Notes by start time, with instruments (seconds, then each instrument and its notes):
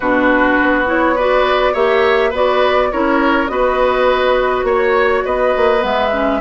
0.00 bassoon B2, clarinet D4, oboe F#4, flute B4
0.61 bassoon B3
0.86 clarinet E4, flute C#5
1.15 clarinet F#4, oboe B4, flute D5
1.73 bassoon A#3, clarinet G4, oboe C#5, flute E5
2.29 bassoon B3, clarinet F#4, oboe B4, flute D5
2.91 bassoon C#4, clarinet E4, oboe A#4, flute C#5
3.48 bassoon B3, clarinet F#4, oboe B4, flute D#5
4.63 bassoon A#3, oboe C#5
4.71 flute C#5
5.24 bassoon B3, oboe B4, flute D#5
5.56 bassoon A#3
5.79 bassoon G#3, clarinet B3, flute E5
6.12 clarinet C#4